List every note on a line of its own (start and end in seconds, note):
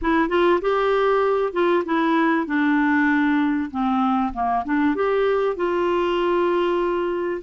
0.01 0.28 E4
0.28 0.59 F4
0.61 1.52 G4
1.52 1.83 F4
1.85 2.46 E4
2.46 3.70 D4
3.70 4.32 C4
4.33 4.64 A#3
4.64 4.95 D4
4.95 5.56 G4
5.56 7.41 F4